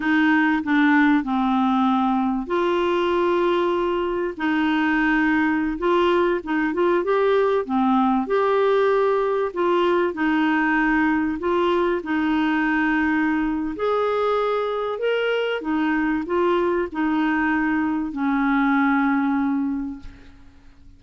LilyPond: \new Staff \with { instrumentName = "clarinet" } { \time 4/4 \tempo 4 = 96 dis'4 d'4 c'2 | f'2. dis'4~ | dis'4~ dis'16 f'4 dis'8 f'8 g'8.~ | g'16 c'4 g'2 f'8.~ |
f'16 dis'2 f'4 dis'8.~ | dis'2 gis'2 | ais'4 dis'4 f'4 dis'4~ | dis'4 cis'2. | }